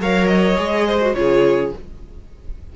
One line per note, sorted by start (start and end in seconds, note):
0.00 0.58 F#3
0.00 0.57 A#4
0.00 0.87 C#5
0.00 0.28 F5
0.28 1.14 D#5
0.57 1.15 G#3
0.57 1.00 G#4
0.87 1.16 C5
1.02 1.16 F#4
1.14 1.73 C#3
1.14 1.73 F4
1.14 1.76 G#4
1.14 1.72 C#5